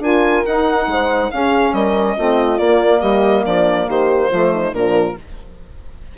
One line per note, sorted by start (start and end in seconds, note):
0.00 0.43 D4
0.00 0.45 F4
0.00 0.89 A#4
0.00 0.46 G#5
0.46 1.31 D#4
0.46 0.88 D#4
0.46 1.31 F#5
0.88 1.30 G#3
0.88 1.34 C5
1.31 2.17 C#4
1.31 1.74 C#4
1.31 1.75 G#4
1.31 1.74 F5
1.74 2.16 G3
1.74 2.18 A#4
1.74 2.59 D#5
2.17 2.60 A3
2.17 2.60 C4
2.17 3.01 F4
2.59 3.02 A#3
2.59 4.32 A#3
2.59 3.01 D5
3.01 3.46 G3
3.01 3.44 G4
3.01 3.44 D#5
3.46 3.88 F3
3.46 3.88 D4
3.46 3.89 D5
3.88 4.31 D#3
3.88 4.30 G4
3.88 4.74 C5
4.31 4.73 F3
4.31 4.74 A3
4.31 4.52 F4
4.54 4.74 D#4
4.73 5.16 A#2
4.73 5.18 F3
4.73 5.17 D4
4.73 5.17 A#4